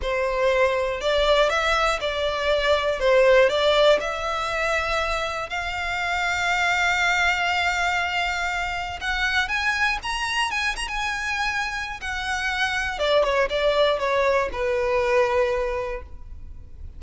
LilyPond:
\new Staff \with { instrumentName = "violin" } { \time 4/4 \tempo 4 = 120 c''2 d''4 e''4 | d''2 c''4 d''4 | e''2. f''4~ | f''1~ |
f''2 fis''4 gis''4 | ais''4 gis''8 ais''16 gis''2~ gis''16 | fis''2 d''8 cis''8 d''4 | cis''4 b'2. | }